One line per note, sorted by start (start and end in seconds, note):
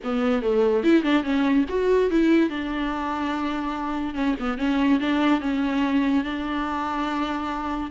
0.03 0.42 B3
0.42 0.83 A3
0.83 1.03 E4
1.03 1.23 D4
1.23 1.65 C#4
1.68 2.10 F#4
2.10 2.49 E4
2.49 4.14 D4
4.14 4.35 C#4
4.39 4.58 B3
4.58 4.99 C#4
5.00 5.40 D4
5.40 6.24 C#4
6.24 7.91 D4